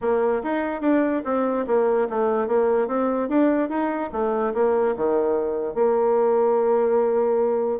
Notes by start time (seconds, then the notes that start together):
0.01 A#3
0.43 D#4
0.81 D4
1.24 C4
1.66 A#3
2.09 A3
2.47 A#3
2.87 C4
3.28 D4
3.69 D#4
4.12 A3
4.54 A#3
4.96 D#3
5.74 A#3